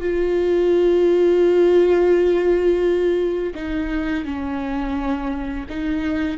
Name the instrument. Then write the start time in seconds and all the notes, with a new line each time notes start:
viola
0.00 F4
3.54 D#4
4.24 C#4
5.69 D#4